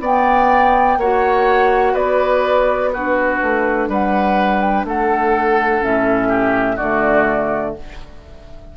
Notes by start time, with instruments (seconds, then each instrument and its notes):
0.00 bassoon B3, clarinet B3, oboe D5, flute G5
0.97 bassoon A#3, clarinet F#4, oboe C#5, flute F#5
1.93 bassoon B3, oboe B4, flute D5
2.93 clarinet D4, oboe F#4, flute B4
3.42 bassoon A3
3.88 bassoon G3, oboe B4, flute F#5
4.60 flute G5
4.84 bassoon A3, oboe A4, flute F#5
5.81 bassoon A2, clarinet C#4, flute E5
6.28 oboe G4
6.76 bassoon D3, clarinet A3, oboe F#4, flute D5